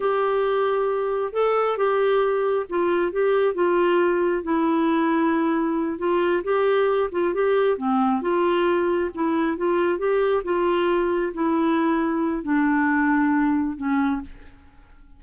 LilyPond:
\new Staff \with { instrumentName = "clarinet" } { \time 4/4 \tempo 4 = 135 g'2. a'4 | g'2 f'4 g'4 | f'2 e'2~ | e'4. f'4 g'4. |
f'8 g'4 c'4 f'4.~ | f'8 e'4 f'4 g'4 f'8~ | f'4. e'2~ e'8 | d'2. cis'4 | }